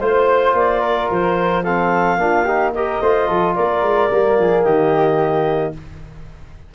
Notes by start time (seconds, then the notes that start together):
0.00 A3 F4 C5
0.53 A#3 D5
0.80 A#4
1.11 F3 C5
1.63 C4 A4 F5
2.16 A#3 D4 F4
2.44 D#4 G4
2.73 G4 A#4 D#5
3.01 A3 F4 C5
3.27 F3 A4
3.54 A#3 A#4 D5
3.82 G#3
4.10 G3 A#3
4.38 F3 G#4
4.63 D#3 G4 D#5